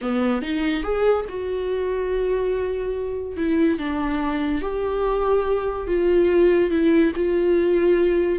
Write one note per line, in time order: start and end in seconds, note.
0.01 0.42 B3
0.42 0.83 D#4
0.83 1.25 G#4
1.28 3.36 F#4
3.36 3.78 E4
3.78 4.61 D4
4.61 5.87 G4
5.87 6.70 F4
6.70 7.12 E4
7.15 8.39 F4